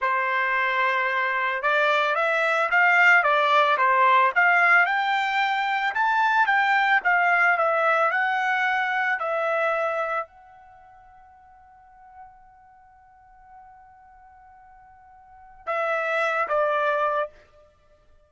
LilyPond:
\new Staff \with { instrumentName = "trumpet" } { \time 4/4 \tempo 4 = 111 c''2. d''4 | e''4 f''4 d''4 c''4 | f''4 g''2 a''4 | g''4 f''4 e''4 fis''4~ |
fis''4 e''2 fis''4~ | fis''1~ | fis''1~ | fis''4 e''4. d''4. | }